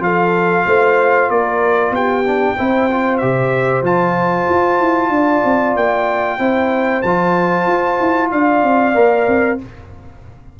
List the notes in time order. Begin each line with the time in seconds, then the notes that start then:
0.00 F3 F4 A4 F5
0.66 A3 C5
1.30 A#3 A#4 D5
1.90 B3 G4 G5
2.24 D4
2.56 C4 E4 C5
2.91 F4
3.18 C3 G4 E5
3.82 F3 F4 A5
4.49 F4
4.80 E4
5.09 D4 D5
5.45 C4
5.76 A#3 G5
6.39 C4 E4 C5
7.02 F3 F4 A5
7.67 F4
8.00 E4
8.32 D4 D5 F5
8.64 C4
8.95 A#3 A#4
9.28 C4